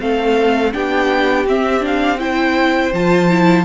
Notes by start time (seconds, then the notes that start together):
0.00 A3 C4 A4 F5
0.73 B3 D4 G4 G5
1.46 C4 E5
1.80 D4 F5
2.19 E4 C5 G5
2.93 F3 F4 A5
3.30 E4